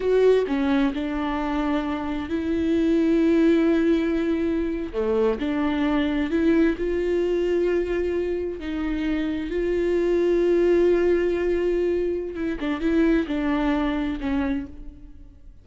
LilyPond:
\new Staff \with { instrumentName = "viola" } { \time 4/4 \tempo 4 = 131 fis'4 cis'4 d'2~ | d'4 e'2.~ | e'2~ e'8. a4 d'16~ | d'4.~ d'16 e'4 f'4~ f'16~ |
f'2~ f'8. dis'4~ dis'16~ | dis'8. f'2.~ f'16~ | f'2. e'8 d'8 | e'4 d'2 cis'4 | }